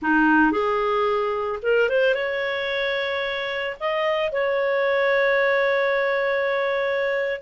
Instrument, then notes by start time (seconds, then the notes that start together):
clarinet
0.02 D#4
0.51 G#4
1.62 A#4
1.89 C5
2.14 C#5
3.80 D#5
4.31 C#5